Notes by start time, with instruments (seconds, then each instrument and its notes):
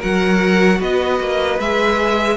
0.00 cello F#3, viola F#4, violin A#4 F#5
0.79 cello B3, violin B4 D#5
1.20 cello A#3
1.60 cello G#3, viola G#4, violin E5